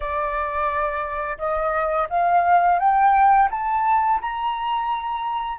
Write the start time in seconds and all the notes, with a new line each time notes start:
0.00 D5
1.38 D#5
2.09 F5
2.79 G5
3.50 A5
4.21 A#5